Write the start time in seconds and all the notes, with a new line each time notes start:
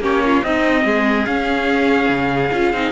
0.00 A#3 C#4 G4 C#5
0.25 F4
0.43 C4 D#4 D#5
0.84 G#3 G#4
1.26 C#4 F5
2.09 C#3
2.52 C#4 F4
2.73 C4 D#4